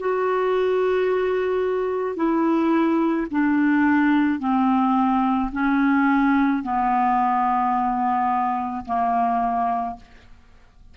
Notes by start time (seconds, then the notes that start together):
0.00 F#4
2.16 E4
3.31 D4
4.40 C4
5.53 C#4
6.63 B3
8.86 A#3